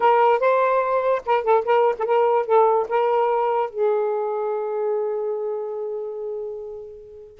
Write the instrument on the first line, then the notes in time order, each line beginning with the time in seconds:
saxophone
0.00 A#4
0.39 C5
1.25 A#4
1.43 A4
1.64 A#4
1.98 A4
2.05 A#4
2.46 A4
2.88 A#4
3.69 G#4